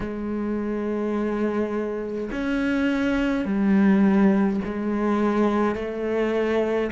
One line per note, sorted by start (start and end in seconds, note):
0.00 2.30 G#3
2.31 3.45 C#4
3.45 4.60 G3
4.64 5.75 G#3
5.75 6.90 A3